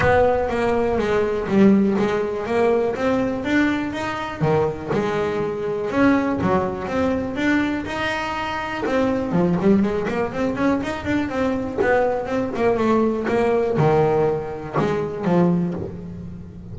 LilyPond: \new Staff \with { instrumentName = "double bass" } { \time 4/4 \tempo 4 = 122 b4 ais4 gis4 g4 | gis4 ais4 c'4 d'4 | dis'4 dis4 gis2 | cis'4 fis4 c'4 d'4 |
dis'2 c'4 f8 g8 | gis8 ais8 c'8 cis'8 dis'8 d'8 c'4 | b4 c'8 ais8 a4 ais4 | dis2 gis4 f4 | }